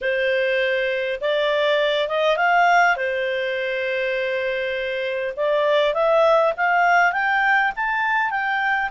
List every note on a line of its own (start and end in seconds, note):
0.01 1.20 C5
1.20 2.08 D5
2.08 2.37 D#5
2.37 2.96 F5
2.96 5.34 C5
5.36 5.94 D5
5.94 6.53 E5
6.56 7.12 F5
7.12 7.71 G5
7.76 8.30 A5
8.30 8.89 G5